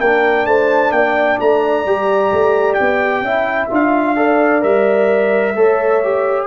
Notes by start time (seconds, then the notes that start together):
0.00 A#3 D4 A#4 G5
0.46 A3 C5 A5
0.92 A#3 D5 G5
1.40 A3 A#5
1.86 G3 G4
2.32 A3
2.74 G5
2.80 B3
3.21 C#4 E4 E5
3.70 D4 F4 F5
4.16 A4 D5
4.61 G3 A#4 E5
5.54 A3 A4 C#5
6.03 G4